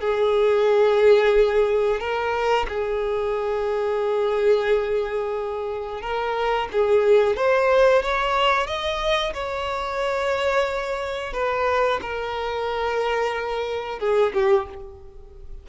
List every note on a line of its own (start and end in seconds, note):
0.00 2.00 G#4
2.00 2.67 A#4
2.68 6.02 G#4
6.02 6.68 A#4
6.72 7.36 G#4
7.36 8.02 C5
8.02 8.67 C#5
8.67 9.33 D#5
9.34 11.33 C#5
11.33 12.00 B4
12.02 14.00 A#4
14.00 14.33 G#4
14.34 14.67 G4